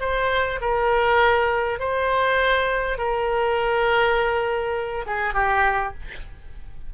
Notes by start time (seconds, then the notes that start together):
0.00 C5
0.60 A#4
1.79 C5
2.97 A#4
5.06 G#4
5.34 G4